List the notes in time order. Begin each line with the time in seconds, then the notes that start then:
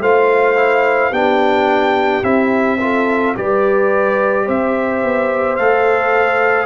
0.00 A3 F4 C5 F5
0.56 E4
1.11 B3 D4 G4 G5
2.23 C4 E4 E5
2.81 F4 A4
3.36 G3 G4 B4 D5
4.46 C4 C5 E5
5.03 B3
5.56 A3 A4 F5